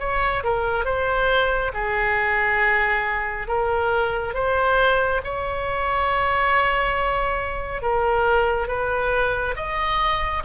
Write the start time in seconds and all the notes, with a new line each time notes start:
0.00 C#5
0.44 A#4
0.85 C5
1.74 G#4
3.48 A#4
4.34 C5
5.24 C#5
7.83 A#4
8.68 B4
9.56 D#5